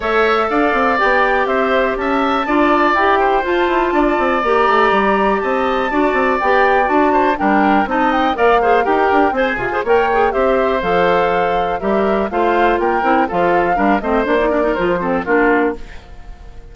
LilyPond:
<<
  \new Staff \with { instrumentName = "flute" } { \time 4/4 \tempo 4 = 122 e''4 f''4 g''4 e''4 | a''2 g''4 a''4~ | a''4 ais''2 a''4~ | a''4 g''4 a''4 g''4 |
a''8 g''8 f''4 g''4 gis''4 | g''4 e''4 f''2 | e''4 f''4 g''4 f''4~ | f''8 dis''8 d''4 c''4 ais'4 | }
  \new Staff \with { instrumentName = "oboe" } { \time 4/4 cis''4 d''2 c''4 | e''4 d''4. c''4. | d''2. dis''4 | d''2~ d''8 c''8 ais'4 |
dis''4 d''8 c''8 ais'4 gis'8. c''16 | cis''4 c''2. | ais'4 c''4 ais'4 a'4 | ais'8 c''4 ais'4 a'8 f'4 | }
  \new Staff \with { instrumentName = "clarinet" } { \time 4/4 a'2 g'2~ | g'4 f'4 g'4 f'4~ | f'4 g'2. | fis'4 g'4 fis'4 d'4 |
dis'4 ais'8 gis'8 g'4 c''8 c16 gis'16 | ais'8 gis'8 g'4 a'2 | g'4 f'4. e'8 f'4 | d'8 c'8 d'16 dis'16 d'16 dis'16 f'8 c'8 d'4 | }
  \new Staff \with { instrumentName = "bassoon" } { \time 4/4 a4 d'8 c'8 b4 c'4 | cis'4 d'4 e'4 f'8 e'8 | d'8 c'8 ais8 a8 g4 c'4 | d'8 c'8 b4 d'4 g4 |
c'4 ais4 dis'8 d'8 c'8 f'8 | ais4 c'4 f2 | g4 a4 ais8 c'8 f4 | g8 a8 ais4 f4 ais4 | }
>>